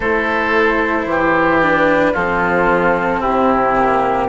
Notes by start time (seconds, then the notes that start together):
0.00 A3 E4 A4 C5
1.05 E3 G4
1.61 D4 B4
2.12 F3 C4 F4 A4
3.20 C3 E4 G4
3.75 A#3